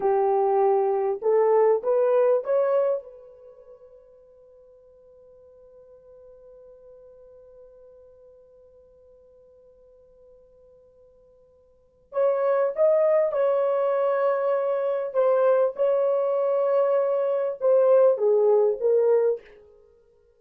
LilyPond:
\new Staff \with { instrumentName = "horn" } { \time 4/4 \tempo 4 = 99 g'2 a'4 b'4 | cis''4 b'2.~ | b'1~ | b'1~ |
b'1 | cis''4 dis''4 cis''2~ | cis''4 c''4 cis''2~ | cis''4 c''4 gis'4 ais'4 | }